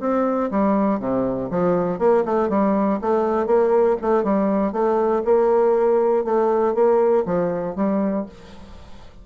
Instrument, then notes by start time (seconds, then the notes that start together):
bassoon
0.00 C4
0.51 G3
0.99 C3
1.50 F3
1.99 A#3
2.25 A3
2.49 G3
3.01 A3
3.47 A#3
4.01 A3
4.23 G3
4.72 A3
5.25 A#3
6.24 A3
6.74 A#3
7.26 F3
7.75 G3